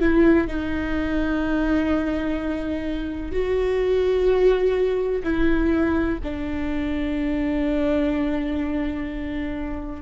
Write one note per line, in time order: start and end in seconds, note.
0.00 0.48 E4
0.48 3.32 D#4
3.32 5.23 F#4
5.23 6.19 E4
6.23 10.02 D4